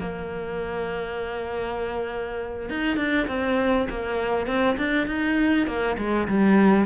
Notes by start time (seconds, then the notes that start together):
0.00 A#3
2.70 D#4
2.97 D4
3.28 C4
3.90 A#3
4.47 C4
4.78 D4
5.08 D#4
5.67 A#3
5.98 G#3
6.28 G3